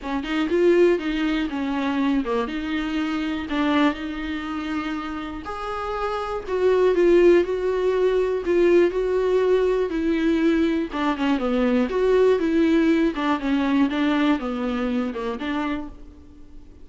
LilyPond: \new Staff \with { instrumentName = "viola" } { \time 4/4 \tempo 4 = 121 cis'8 dis'8 f'4 dis'4 cis'4~ | cis'8 ais8 dis'2 d'4 | dis'2. gis'4~ | gis'4 fis'4 f'4 fis'4~ |
fis'4 f'4 fis'2 | e'2 d'8 cis'8 b4 | fis'4 e'4. d'8 cis'4 | d'4 b4. ais8 d'4 | }